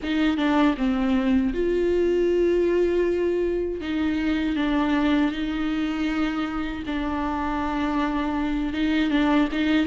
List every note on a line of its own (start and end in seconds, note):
0.02 0.37 D#4
0.37 0.75 D4
0.77 1.53 C4
1.53 3.80 F4
3.80 4.56 D#4
4.56 5.31 D4
5.31 6.83 D#4
6.86 8.73 D4
8.73 9.10 D#4
9.10 9.48 D4
9.51 9.86 D#4